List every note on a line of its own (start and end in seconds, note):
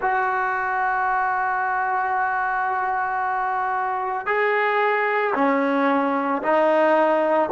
0.01 4.26 F#4
4.26 5.33 G#4
5.34 6.41 C#4
6.42 7.49 D#4